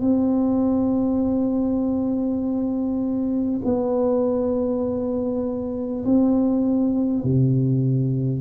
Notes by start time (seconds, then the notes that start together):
0.00 C4
3.64 B3
6.05 C4
7.23 C3